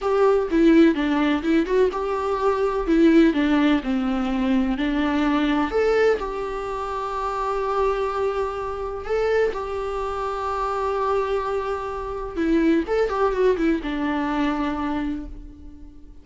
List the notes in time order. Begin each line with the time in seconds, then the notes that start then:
0.01 G4
0.50 E4
0.95 D4
1.42 E4
1.66 F#4
1.92 G4
2.87 E4
3.33 D4
3.83 C4
4.77 D4
5.70 A4
6.19 G4
9.05 A4
9.53 G4
12.36 E4
12.87 A4
13.09 G4
13.32 F#4
13.57 E4
13.82 D4